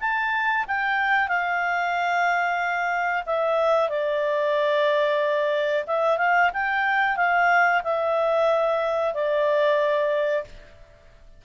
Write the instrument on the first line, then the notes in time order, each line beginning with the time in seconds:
clarinet
0.00 A5
0.67 G5
1.28 F5
3.26 E5
3.89 D5
5.87 E5
6.17 F5
6.53 G5
7.17 F5
7.83 E5
9.14 D5